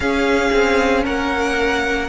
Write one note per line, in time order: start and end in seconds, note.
0.00 0.50 C#4
0.00 2.08 C#4
0.00 1.03 G#4
0.00 1.04 F5
0.52 1.05 C4
1.03 2.08 A#3
1.03 2.08 A#4
1.03 2.08 F#5